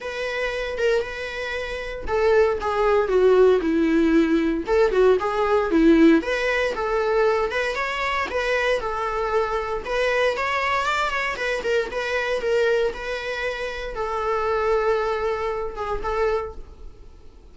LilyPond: \new Staff \with { instrumentName = "viola" } { \time 4/4 \tempo 4 = 116 b'4. ais'8 b'2 | a'4 gis'4 fis'4 e'4~ | e'4 a'8 fis'8 gis'4 e'4 | b'4 a'4. b'8 cis''4 |
b'4 a'2 b'4 | cis''4 d''8 cis''8 b'8 ais'8 b'4 | ais'4 b'2 a'4~ | a'2~ a'8 gis'8 a'4 | }